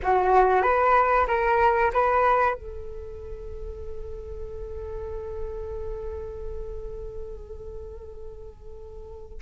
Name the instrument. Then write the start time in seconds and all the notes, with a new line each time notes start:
flute
0.02 F#4
0.62 B4
1.27 A#4
1.93 B4
2.54 A4